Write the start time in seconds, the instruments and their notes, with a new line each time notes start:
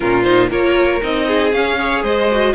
0.00 cello A#2, viola C#4, violin F4 A#4
0.23 viola D#4, violin C5
0.49 cello A#3, viola F4, violin A#4 C#5
1.02 cello C4, viola D#4, violin D#5
1.27 violin G#4
1.52 cello C#4, viola C#4, violin F5
1.78 viola G#4, violin C#5
2.03 cello G#3, violin C5 D#5
2.31 viola F#4